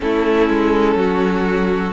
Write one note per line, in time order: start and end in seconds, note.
0.00 0.49 A3
0.00 1.93 C#4
0.00 0.98 E4
0.00 1.93 A4
0.49 0.95 G#3
0.95 1.92 F#3
0.95 1.93 F#4